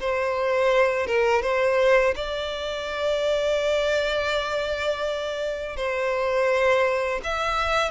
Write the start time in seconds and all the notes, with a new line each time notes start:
0.00 C5
1.07 A#4
1.42 C5
2.16 D5
5.76 C5
7.24 E5